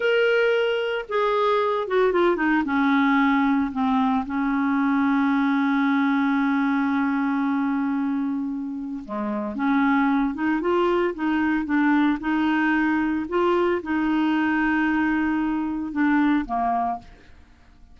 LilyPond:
\new Staff \with { instrumentName = "clarinet" } { \time 4/4 \tempo 4 = 113 ais'2 gis'4. fis'8 | f'8 dis'8 cis'2 c'4 | cis'1~ | cis'1~ |
cis'4 gis4 cis'4. dis'8 | f'4 dis'4 d'4 dis'4~ | dis'4 f'4 dis'2~ | dis'2 d'4 ais4 | }